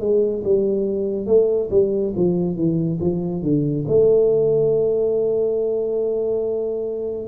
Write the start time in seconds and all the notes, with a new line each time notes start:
0.00 G#3
0.44 G3
1.27 A3
1.71 G3
2.16 F3
2.56 E3
3.00 F3
3.42 D3
3.88 A3